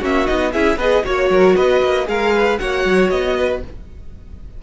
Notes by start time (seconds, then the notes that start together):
0.00 A#3 C#4 F#4 E5
0.26 B3 D#4 D#5
0.52 C#4 E4 G#4 E5
0.76 B3 G#4 B4 D#5
1.04 A#3 F#4 C#5
1.30 F#3 A#4
1.56 B3 B4 D#5
1.83 A#3
2.05 G#3 G#4 A#4 F5
2.34 B4
2.58 A#3 F#4 C#5 F#5
2.85 F#3
3.10 B3 D#5
3.37 B4